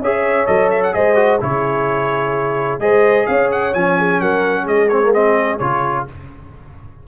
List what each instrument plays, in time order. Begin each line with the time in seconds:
0.00 tuba C#4, trombone G#4, horn C#5, trumpet E5
0.47 tuba F#3, trombone A4, trumpet D#5
0.71 trumpet E5
0.83 trumpet F#5
0.93 tuba G#3, trombone G#4, horn C5, trumpet D#5
1.16 trombone F#4
1.41 tuba C#3, trombone E4, horn G#4, trumpet C#5
2.79 tuba G#3, trombone G#4, horn C5, trumpet D#5
3.26 tuba C#4, horn C#5, trumpet F5
3.52 trumpet F#5
3.74 tuba F3, trombone C#4, trumpet G#5
3.99 horn G#4
4.20 tuba F#3, horn A#4, trumpet F#5
4.64 tuba G#3, horn G#4, trumpet D#5
4.89 trombone C4, trumpet C#5
5.03 trombone A#3
5.13 trombone C4, trumpet D#5
5.59 tuba C#3, trombone F4, trumpet C#5